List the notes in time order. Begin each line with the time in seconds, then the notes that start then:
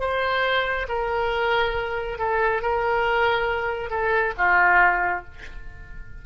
0.00 C5
0.89 A#4
2.19 A4
2.62 A#4
3.90 A4
4.38 F4